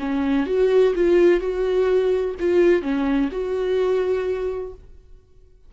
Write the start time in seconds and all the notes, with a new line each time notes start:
0.00 C#4
0.47 F#4
0.96 F4
1.40 F#4
2.40 F4
2.82 C#4
3.32 F#4